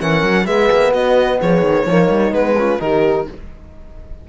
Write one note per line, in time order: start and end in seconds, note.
0.00 0.23 E3
0.00 0.46 C#4
0.00 0.46 A#4
0.00 0.46 F#5
0.23 0.46 F#3
0.46 0.70 G#3
0.46 1.87 B3
0.46 0.91 G#4
0.46 0.93 E5
0.72 0.93 A#3
0.91 1.40 B3
0.91 1.38 F#4
0.91 1.40 D#5
1.40 1.62 F3
1.40 1.87 G#4
1.40 2.34 C#5
1.62 1.85 D#3
1.86 2.09 F3
1.86 2.31 A#3
1.86 2.58 D#4
2.09 2.32 G3
2.31 2.79 G#3
2.31 2.55 B3
2.31 2.81 B4
2.58 2.79 C#4
2.58 2.81 F4
2.79 3.28 D#3
2.79 3.26 D#4
2.79 3.29 G4
2.79 3.28 A#4